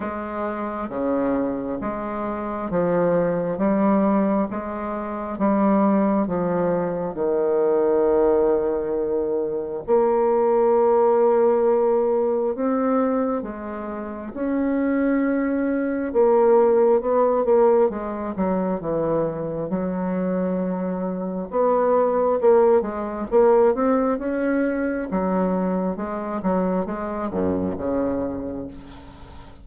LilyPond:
\new Staff \with { instrumentName = "bassoon" } { \time 4/4 \tempo 4 = 67 gis4 cis4 gis4 f4 | g4 gis4 g4 f4 | dis2. ais4~ | ais2 c'4 gis4 |
cis'2 ais4 b8 ais8 | gis8 fis8 e4 fis2 | b4 ais8 gis8 ais8 c'8 cis'4 | fis4 gis8 fis8 gis8 fis,8 cis4 | }